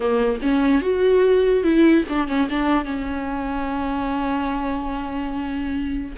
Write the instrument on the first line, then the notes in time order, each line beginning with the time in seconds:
viola
0.00 A#3
0.42 C#4
0.81 F#4
1.63 E4
2.09 D4
2.27 C#4
2.49 D4
2.85 C#4